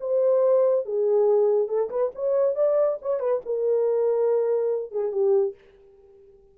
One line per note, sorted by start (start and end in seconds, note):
0.00 0.85 C5
0.85 1.68 G#4
1.68 1.89 A4
1.90 2.11 B4
2.15 2.55 C#5
2.55 2.98 D5
3.02 3.19 C#5
3.19 3.41 B4
3.45 4.91 A#4
4.91 5.11 G#4
5.11 5.54 G4